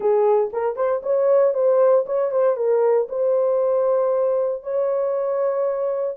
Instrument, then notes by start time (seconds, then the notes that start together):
horn
0.00 G#4
0.52 A#4
0.76 C5
1.03 C#5
1.54 C5
2.06 C#5
2.31 C5
2.56 A#4
3.09 C5
4.62 C#5